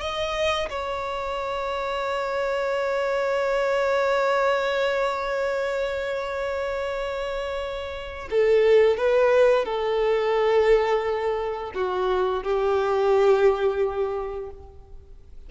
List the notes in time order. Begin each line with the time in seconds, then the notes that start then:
0.00 D#5
0.70 C#5
8.30 A4
8.97 B4
9.65 A4
11.75 F#4
12.43 G4